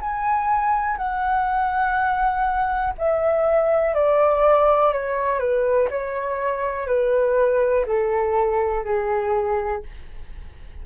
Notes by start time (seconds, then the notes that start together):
0.00 G#5
0.97 F#5
2.98 E5
3.94 D5
4.93 C#5
5.39 B4
5.90 C#5
6.86 B4
7.86 A4
8.84 G#4